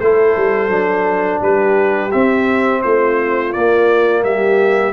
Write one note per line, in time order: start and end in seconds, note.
0.00 0.35 A3
0.00 0.69 E4
0.00 1.39 A4
0.00 1.41 C5
0.36 0.69 G3
0.69 1.39 F#3
0.69 2.10 D4
1.39 2.11 G3
1.39 2.81 G4
1.39 2.11 B4
2.11 3.53 C4
2.11 2.84 C4
2.11 2.82 E5
2.82 3.54 A3
2.82 4.23 F4
2.82 3.52 C5
3.52 4.92 A#3
3.52 4.23 A#3
3.52 4.23 D5
4.23 4.92 G3
4.23 4.92 G4
4.23 4.92 E5